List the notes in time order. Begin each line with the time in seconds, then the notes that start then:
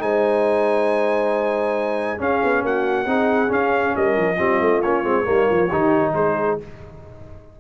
0.00 G#3 D#4 C5 G#5
2.18 C#4 G#4 F5
2.44 B3
2.63 A#3 F#4 F#5
3.06 C4 D#4 G#4
3.49 C#4 F5
3.96 G3 A#4 D#5
4.17 F3
4.37 G3 C4 F4
4.61 A3
4.82 A#3 C#4 C#5
5.04 G#3 C4
5.25 G3 A#3 D#4
5.51 F3 F4
5.68 D#3 D#4 G4
6.14 G#3 G#4 C5